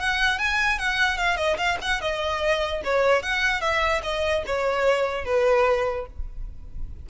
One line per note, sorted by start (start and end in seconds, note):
0.00 0.39 F#5
0.39 0.79 G#5
0.79 1.18 F#5
1.18 1.37 F5
1.37 1.57 D#5
1.58 1.78 F5
1.82 2.01 F#5
2.01 2.82 D#5
2.85 3.23 C#5
3.23 3.61 F#5
3.61 4.02 E5
4.03 4.44 D#5
4.47 5.25 C#5
5.25 6.06 B4